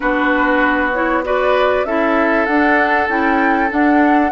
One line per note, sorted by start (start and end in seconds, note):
0.00 1.84 B3
0.00 0.93 D4
0.00 1.24 F#4
0.00 0.91 B4
0.92 1.23 E4
0.92 1.23 C#5
1.23 1.85 F#4
1.23 1.86 B4
1.23 1.85 D5
1.84 2.46 C#4
1.84 2.48 E4
1.84 4.31 A4
1.84 2.45 E5
2.45 3.08 D4
2.45 3.07 F#5
3.08 3.70 C#4
3.08 3.68 E4
3.08 3.71 G5
3.68 4.30 D4
3.68 4.31 D4
3.68 4.31 F#5